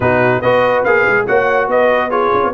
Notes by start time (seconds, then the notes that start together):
0.00 B2 D#4 F#4 B4
0.41 B3 F#4 B4 D#5
0.84 A#3 G#4 F5
1.06 G#3
1.26 A#3 F#4 C#5 F#5
1.67 B3 B4 D#5
2.10 F4 G#4 C#5
2.33 C#4
2.43 B3